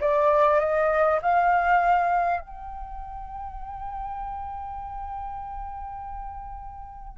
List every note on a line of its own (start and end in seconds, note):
0.00 0.59 D5
0.59 1.19 D#5
1.22 2.40 F5
2.40 7.18 G5